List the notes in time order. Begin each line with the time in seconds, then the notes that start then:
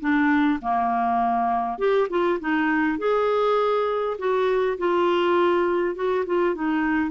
0.00 D4
0.62 A#3
1.78 G4
2.09 F4
2.40 D#4
2.98 G#4
4.18 F#4
4.78 F4
5.95 F#4
6.26 F4
6.55 D#4